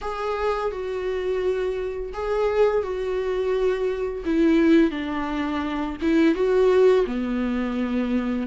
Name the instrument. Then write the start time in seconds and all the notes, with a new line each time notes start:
viola
0.01 G#4
0.71 F#4
2.13 G#4
2.82 F#4
4.25 E4
4.91 D4
6.01 E4
6.34 F#4
7.06 B3